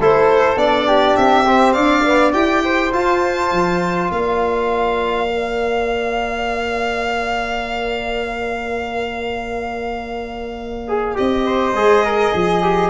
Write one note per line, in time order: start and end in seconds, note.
0.00 0.57 A3
0.00 0.57 E4
0.00 0.88 A4
0.00 0.59 C5
0.57 1.15 B3
0.57 1.45 D4
0.57 1.17 D5
0.88 1.74 G4
1.17 1.76 C4
1.17 1.73 E5
1.46 2.05 C4
1.73 2.35 D4
1.73 2.62 D5
1.73 2.32 F5
2.06 2.33 B3
2.33 2.94 E4
2.33 2.92 G4
2.33 2.93 G5
2.65 4.12 C5
2.93 5.27 F4
2.93 3.52 F4
2.93 4.12 A5
3.52 4.11 F3
4.12 11.17 A#3
4.12 11.46 D5
4.12 11.17 F5
5.27 10.86 A#4
10.88 11.16 G#4
11.16 11.74 C4
11.16 11.75 G4
11.16 12.90 D#5
11.46 12.05 C5
11.74 12.32 G#3
11.74 12.63 G#4
12.05 12.33 A#4
12.33 12.90 F3
12.33 12.90 G#4
12.63 12.90 G4